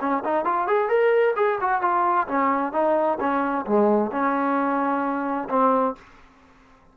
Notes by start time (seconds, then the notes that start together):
0.00 C#4
0.24 D#4
0.45 F4
0.67 G#4
0.88 A#4
1.36 G#4
1.61 F#4
1.81 F4
2.28 C#4
2.72 D#4
3.20 C#4
3.66 G#3
4.11 C#4
5.49 C4